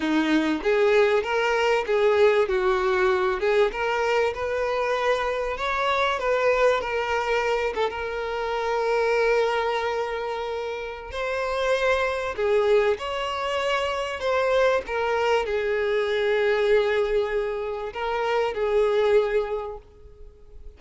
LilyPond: \new Staff \with { instrumentName = "violin" } { \time 4/4 \tempo 4 = 97 dis'4 gis'4 ais'4 gis'4 | fis'4. gis'8 ais'4 b'4~ | b'4 cis''4 b'4 ais'4~ | ais'8 a'16 ais'2.~ ais'16~ |
ais'2 c''2 | gis'4 cis''2 c''4 | ais'4 gis'2.~ | gis'4 ais'4 gis'2 | }